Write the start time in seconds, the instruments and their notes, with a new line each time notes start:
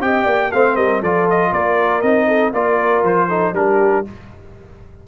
0.00 tuba C4, trombone G4, horn D#5, trumpet G5
0.24 tuba A#3, horn D5
0.52 tuba A3, trombone C4, horn C5, trumpet F5
0.76 tuba G3, horn A#4, trumpet D#5
1.01 tuba F3, trombone F4, horn A4, trumpet D5
1.30 trumpet D#5
1.52 tuba A#3, horn A#4, trumpet D5
2.01 tuba C4, trombone D#4, trumpet D#5
2.28 horn A4
2.53 tuba A#3, trombone F4, horn A#4, trumpet D5
3.03 tuba F3, trumpet C5
3.28 trombone D#4, horn A4
3.53 tuba G3, trombone D4, horn G4, trumpet A#4